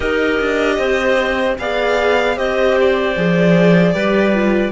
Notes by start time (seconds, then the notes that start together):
0.00 D#4 G4 A#4 D#5
0.40 D4
0.77 C4 C5
1.58 B3 G#4 D5 F5
2.36 C4 G4 C5 D#5
2.80 D5
3.15 F3 G#4
3.93 G3 G4 B4
4.34 F4